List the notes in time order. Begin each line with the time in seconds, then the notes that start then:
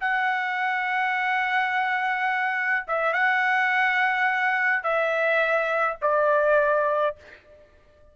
0.00 F#5
2.87 E5
3.13 F#5
4.83 E5
6.01 D5